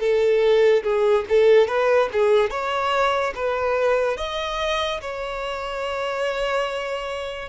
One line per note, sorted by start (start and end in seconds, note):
0.00 0.83 A4
0.84 1.25 G#4
1.30 1.68 A4
1.68 2.09 B4
2.13 2.51 G#4
2.51 3.34 C#5
3.35 4.18 B4
4.18 5.01 D#5
5.02 7.49 C#5